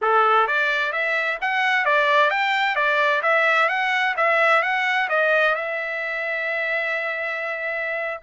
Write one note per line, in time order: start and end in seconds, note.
0.01 0.47 A4
0.47 0.92 D5
0.92 1.38 E5
1.41 1.85 F#5
1.85 2.30 D5
2.30 2.75 G5
2.75 3.21 D5
3.22 3.68 E5
3.68 4.15 F#5
4.16 4.62 E5
4.62 5.08 F#5
5.09 5.55 D#5
5.55 8.20 E5